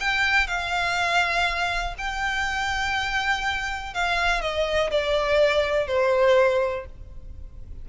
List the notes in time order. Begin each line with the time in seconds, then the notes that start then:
0.00 G5
0.47 F5
1.98 G5
3.94 F5
4.42 D#5
4.91 D5
5.87 C5